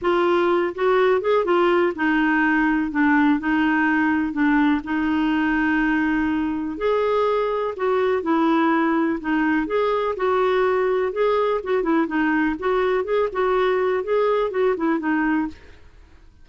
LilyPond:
\new Staff \with { instrumentName = "clarinet" } { \time 4/4 \tempo 4 = 124 f'4. fis'4 gis'8 f'4 | dis'2 d'4 dis'4~ | dis'4 d'4 dis'2~ | dis'2 gis'2 |
fis'4 e'2 dis'4 | gis'4 fis'2 gis'4 | fis'8 e'8 dis'4 fis'4 gis'8 fis'8~ | fis'4 gis'4 fis'8 e'8 dis'4 | }